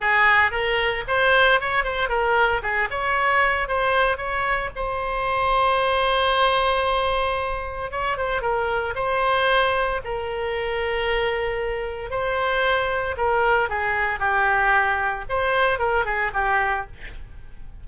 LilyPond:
\new Staff \with { instrumentName = "oboe" } { \time 4/4 \tempo 4 = 114 gis'4 ais'4 c''4 cis''8 c''8 | ais'4 gis'8 cis''4. c''4 | cis''4 c''2.~ | c''2. cis''8 c''8 |
ais'4 c''2 ais'4~ | ais'2. c''4~ | c''4 ais'4 gis'4 g'4~ | g'4 c''4 ais'8 gis'8 g'4 | }